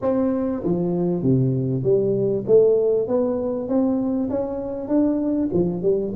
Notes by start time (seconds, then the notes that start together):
0.01 C4
0.63 F3
1.22 C3
1.83 G3
2.46 A3
3.07 B3
3.68 C4
4.30 C#4
4.88 D4
5.53 F3
5.82 G3